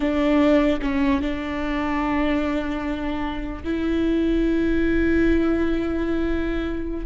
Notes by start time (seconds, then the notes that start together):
0.00 D4
0.81 C#4
1.21 D4
3.64 E4